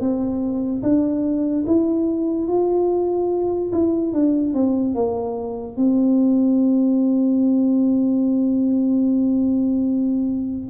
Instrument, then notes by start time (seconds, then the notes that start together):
tuba
0.00 C4
0.83 D4
1.66 E4
2.48 F4
3.72 E4
4.13 D4
4.54 C4
4.95 A#3
5.76 C4